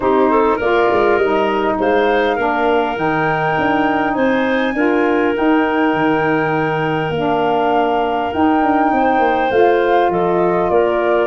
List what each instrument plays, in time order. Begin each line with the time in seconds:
0.00 tuba C4, saxophone D#4, clarinet G4, flute C5
0.30 clarinet A4
0.56 tuba A#3, saxophone F4, clarinet A#4, flute D5
0.91 tuba G#3
1.16 tuba G3, flute D#5
1.22 saxophone D#4
1.79 tuba G#3, clarinet C5, flute F5
2.35 tuba A#3, saxophone D4, clarinet A#4
2.95 tuba D#3, saxophone D#4, flute G5
3.58 tuba D4
4.14 tuba C4, clarinet C5, flute G#5
4.74 tuba D4, saxophone F4, clarinet A#4
5.33 saxophone D#4, tuba D#4, flute G5
5.93 tuba D#3
7.10 tuba A#3, saxophone D4, flute F5
8.32 saxophone D#4, tuba D#4, flute G5
8.62 tuba D4
8.91 tuba C4, clarinet C5
9.19 tuba A#3
9.50 tuba A3, saxophone F4, flute F5
10.09 tuba F3, clarinet A4, flute D#5
10.69 tuba A#3, clarinet A#4, flute D5